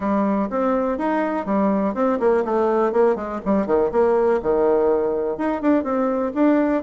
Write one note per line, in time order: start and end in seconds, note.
0.00 0.49 G3
0.50 0.98 C4
0.98 1.45 D#4
1.45 1.94 G3
1.94 2.18 C4
2.19 2.44 A#3
2.44 2.92 A3
2.92 3.15 A#3
3.15 3.39 G#3
3.45 3.66 G3
3.66 3.90 D#3
3.91 4.40 A#3
4.42 5.37 D#3
5.37 5.61 D#4
5.61 5.83 D4
5.83 6.32 C4
6.34 6.83 D4